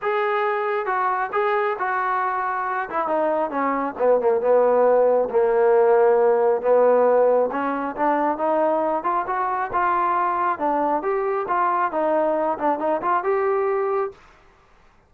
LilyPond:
\new Staff \with { instrumentName = "trombone" } { \time 4/4 \tempo 4 = 136 gis'2 fis'4 gis'4 | fis'2~ fis'8 e'8 dis'4 | cis'4 b8 ais8 b2 | ais2. b4~ |
b4 cis'4 d'4 dis'4~ | dis'8 f'8 fis'4 f'2 | d'4 g'4 f'4 dis'4~ | dis'8 d'8 dis'8 f'8 g'2 | }